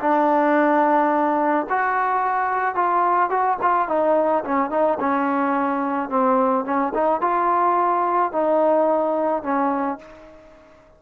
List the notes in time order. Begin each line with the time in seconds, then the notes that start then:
0.00 D4
1.69 F#4
2.75 F4
3.30 F#4
3.62 F4
3.88 D#4
4.44 C#4
4.70 D#4
5.00 C#4
6.09 C4
6.65 C#4
6.94 D#4
7.21 F4
8.32 D#4
9.43 C#4